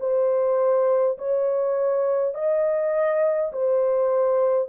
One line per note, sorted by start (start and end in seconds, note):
0.00 1.18 C5
1.18 2.34 C#5
2.34 3.52 D#5
3.52 4.68 C5